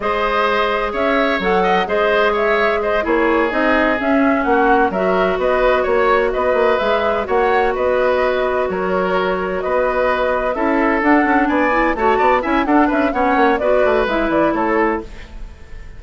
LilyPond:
<<
  \new Staff \with { instrumentName = "flute" } { \time 4/4 \tempo 4 = 128 dis''2 e''4 fis''4 | dis''4 e''4 dis''8 cis''4 dis''8~ | dis''8 e''4 fis''4 e''4 dis''8~ | dis''8 cis''4 dis''4 e''4 fis''8~ |
fis''8 dis''2 cis''4.~ | cis''8 dis''2 e''4 fis''8~ | fis''8 gis''4 a''4 gis''8 fis''8 e''8 | fis''4 d''4 e''8 d''8 cis''4 | }
  \new Staff \with { instrumentName = "oboe" } { \time 4/4 c''2 cis''4. dis''8 | c''4 cis''4 c''8 gis'4.~ | gis'4. fis'4 ais'4 b'8~ | b'8 cis''4 b'2 cis''8~ |
cis''8 b'2 ais'4.~ | ais'8 b'2 a'4.~ | a'8 d''4 cis''8 d''8 e''8 a'8 b'8 | cis''4 b'2 a'4 | }
  \new Staff \with { instrumentName = "clarinet" } { \time 4/4 gis'2. a'4 | gis'2~ gis'8 e'4 dis'8~ | dis'8 cis'2 fis'4.~ | fis'2~ fis'8 gis'4 fis'8~ |
fis'1~ | fis'2~ fis'8 e'4 d'8~ | d'4 e'8 fis'4 e'8 d'4 | cis'4 fis'4 e'2 | }
  \new Staff \with { instrumentName = "bassoon" } { \time 4/4 gis2 cis'4 fis4 | gis2~ gis8 ais4 c'8~ | c'8 cis'4 ais4 fis4 b8~ | b8 ais4 b8 ais8 gis4 ais8~ |
ais8 b2 fis4.~ | fis8 b2 cis'4 d'8 | cis'8 b4 a8 b8 cis'8 d'8 cis'8 | b8 ais8 b8 a8 gis8 e8 a4 | }
>>